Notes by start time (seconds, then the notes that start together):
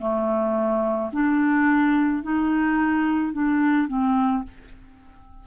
0.00 A3
1.13 D4
2.23 D#4
3.33 D4
3.88 C4